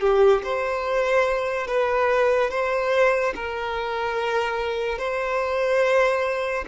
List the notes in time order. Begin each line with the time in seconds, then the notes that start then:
0.00 G4
0.43 C5
1.67 B4
2.50 C5
3.35 A#4
4.98 C5